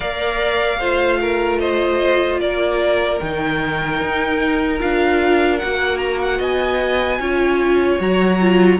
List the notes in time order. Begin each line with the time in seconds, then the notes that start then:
0.00 A#3 A#4 D5 F5
0.79 A3 F4 C5
1.21 A#4
1.59 C5 D#5
2.40 A#3 A#4 D5
3.19 D#3 D#4 G5
4.01 D#4
4.79 D4 F4 F5
5.58 A#3 F#4 F#5
5.97 A#5
6.21 F#5
6.38 B3 D#5 G#5
7.19 C#4 F4 C#5
7.99 F#3 F#4 A#5
8.40 F4